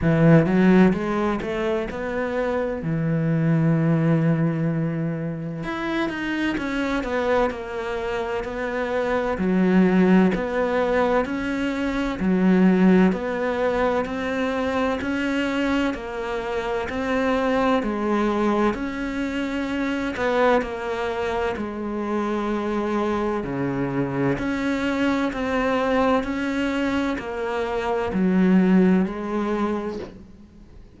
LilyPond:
\new Staff \with { instrumentName = "cello" } { \time 4/4 \tempo 4 = 64 e8 fis8 gis8 a8 b4 e4~ | e2 e'8 dis'8 cis'8 b8 | ais4 b4 fis4 b4 | cis'4 fis4 b4 c'4 |
cis'4 ais4 c'4 gis4 | cis'4. b8 ais4 gis4~ | gis4 cis4 cis'4 c'4 | cis'4 ais4 fis4 gis4 | }